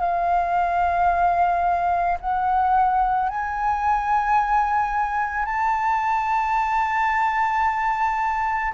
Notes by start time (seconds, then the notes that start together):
0.00 F5
2.21 F#5
3.30 G#5
5.46 A5